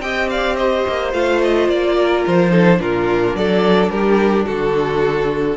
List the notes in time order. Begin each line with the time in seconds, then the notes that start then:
0.00 C4 G4 D#5 G5
0.29 D5 F5
0.56 C5 D#5
0.88 A#3
1.12 A3 F4 F5
1.42 D#5
1.68 A#3 D5
1.96 A#4
2.27 F3 C5
2.50 D#4 A4
2.76 A#2 D4 F4 A#4
3.33 F#3 A4 D5
3.89 G3 G4 A#4
4.45 D3 F#4 A4